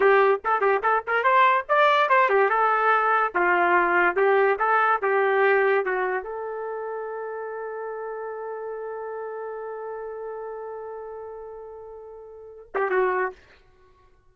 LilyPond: \new Staff \with { instrumentName = "trumpet" } { \time 4/4 \tempo 4 = 144 g'4 a'8 g'8 a'8 ais'8 c''4 | d''4 c''8 g'8 a'2 | f'2 g'4 a'4 | g'2 fis'4 a'4~ |
a'1~ | a'1~ | a'1~ | a'2~ a'8 g'8 fis'4 | }